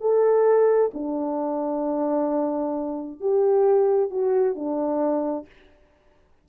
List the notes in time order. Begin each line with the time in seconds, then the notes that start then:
0.00 A4
0.94 D4
3.20 G4
4.10 F#4
4.55 D4